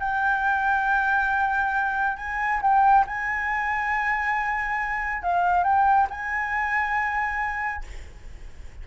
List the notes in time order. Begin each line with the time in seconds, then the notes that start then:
0.00 G5
2.17 G#5
2.62 G5
3.07 G#5
5.23 F5
5.64 G5
6.11 G#5